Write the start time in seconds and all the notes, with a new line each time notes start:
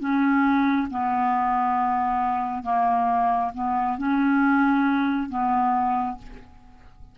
0.00 C#4
0.91 B3
2.64 A#3
3.55 B3
3.98 C#4
5.29 B3